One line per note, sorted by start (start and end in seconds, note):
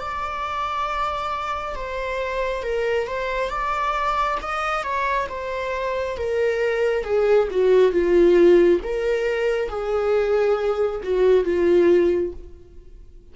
0.00 1.75 D5
1.75 2.63 C5
2.63 3.07 A#4
3.07 3.50 C5
3.50 4.38 D5
4.42 4.83 D#5
4.83 5.27 C#5
5.29 6.17 C5
6.18 7.04 A#4
7.04 7.48 G#4
7.51 7.92 F#4
7.92 8.80 F4
8.84 9.69 A#4
9.69 11.01 G#4
11.03 11.45 F#4
11.45 12.33 F4